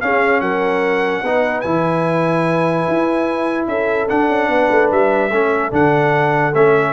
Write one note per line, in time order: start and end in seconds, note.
0.00 0.40 C#4
0.00 1.24 C#4
0.00 0.41 G#4
0.00 0.41 F5
0.40 1.22 F#3
0.40 1.22 A#4
0.40 1.60 F#5
1.23 1.63 B3
1.23 1.64 D#4
1.23 3.68 B4
1.60 2.87 E3
1.60 4.07 E4
1.60 3.65 G#5
2.87 3.67 E4
3.67 4.08 C#4
3.67 4.50 A4
3.67 4.08 E5
4.07 5.30 D4
4.07 4.28 D4
4.07 4.90 F#5
4.28 4.48 C#4
4.48 4.68 B3
4.48 5.31 B4
4.70 4.90 A3
4.91 5.31 G3
4.91 5.73 E5
5.31 5.71 A3
5.31 5.71 C#4
5.31 6.92 A4
5.71 6.53 D3
5.71 6.52 D4
5.71 6.54 F#5
6.54 6.92 A3
6.54 6.92 C#4
6.54 6.92 E5